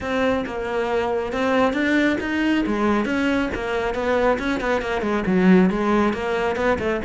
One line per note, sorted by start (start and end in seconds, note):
0.01 0.44 C4
0.45 1.32 A#3
1.32 1.73 C4
1.73 2.17 D4
2.20 2.64 D#4
2.66 3.05 G#3
3.05 3.49 C#4
3.54 3.94 A#3
3.94 4.38 B3
4.38 4.60 C#4
4.60 4.81 B3
4.81 5.01 A#3
5.01 5.23 G#3
5.26 5.69 F#3
5.69 6.13 G#3
6.13 6.56 A#3
6.56 6.77 B3
6.79 7.01 A3